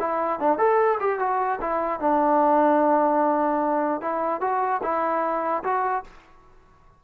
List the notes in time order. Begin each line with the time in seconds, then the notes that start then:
0.00 E4
0.40 D4
0.59 A4
1.00 G4
1.20 F#4
1.61 E4
2.01 D4
4.02 E4
4.41 F#4
4.83 E4
5.64 F#4